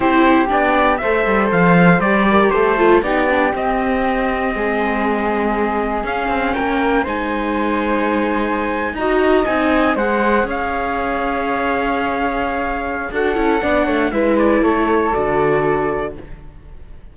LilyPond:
<<
  \new Staff \with { instrumentName = "trumpet" } { \time 4/4 \tempo 4 = 119 c''4 d''4 e''4 f''4 | d''4 c''4 d''4 dis''4~ | dis''1 | f''4 g''4 gis''2~ |
gis''4.~ gis''16 ais''4 gis''4 fis''16~ | fis''8. f''2.~ f''16~ | f''2 fis''2 | e''8 d''8 cis''4 d''2 | }
  \new Staff \with { instrumentName = "flute" } { \time 4/4 g'2 c''2~ | c''8 ais'8 a'4 g'2~ | g'4 gis'2.~ | gis'4 ais'4 c''2~ |
c''4.~ c''16 dis''2 c''16~ | c''8. cis''2.~ cis''16~ | cis''2 a'4 d''8 cis''8 | b'4 a'2. | }
  \new Staff \with { instrumentName = "viola" } { \time 4/4 e'4 d'4 a'2 | g'4. f'8 dis'8 d'8 c'4~ | c'1 | cis'2 dis'2~ |
dis'4.~ dis'16 fis'4 dis'4 gis'16~ | gis'1~ | gis'2 fis'8 e'8 d'4 | e'2 fis'2 | }
  \new Staff \with { instrumentName = "cello" } { \time 4/4 c'4 b4 a8 g8 f4 | g4 a4 b4 c'4~ | c'4 gis2. | cis'8 c'8 ais4 gis2~ |
gis4.~ gis16 dis'4 c'4 gis16~ | gis8. cis'2.~ cis'16~ | cis'2 d'8 cis'8 b8 a8 | gis4 a4 d2 | }
>>